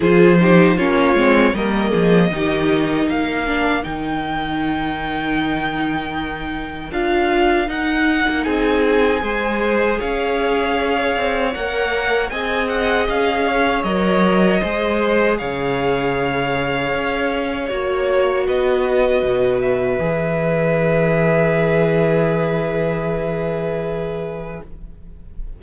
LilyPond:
<<
  \new Staff \with { instrumentName = "violin" } { \time 4/4 \tempo 4 = 78 c''4 cis''4 dis''2 | f''4 g''2.~ | g''4 f''4 fis''4 gis''4~ | gis''4 f''2 fis''4 |
gis''8 fis''8 f''4 dis''2 | f''2. cis''4 | dis''4. e''2~ e''8~ | e''1 | }
  \new Staff \with { instrumentName = "violin" } { \time 4/4 gis'8 g'8 f'4 ais'8 gis'8 g'4 | ais'1~ | ais'2. gis'4 | c''4 cis''2. |
dis''4. cis''4. c''4 | cis''1 | b'1~ | b'1 | }
  \new Staff \with { instrumentName = "viola" } { \time 4/4 f'8 dis'8 cis'8 c'8 ais4 dis'4~ | dis'8 d'8 dis'2.~ | dis'4 f'4 dis'2 | gis'2. ais'4 |
gis'2 ais'4 gis'4~ | gis'2. fis'4~ | fis'2 gis'2~ | gis'1 | }
  \new Staff \with { instrumentName = "cello" } { \time 4/4 f4 ais8 gis8 g8 f8 dis4 | ais4 dis2.~ | dis4 d'4 dis'8. ais16 c'4 | gis4 cis'4. c'8 ais4 |
c'4 cis'4 fis4 gis4 | cis2 cis'4 ais4 | b4 b,4 e2~ | e1 | }
>>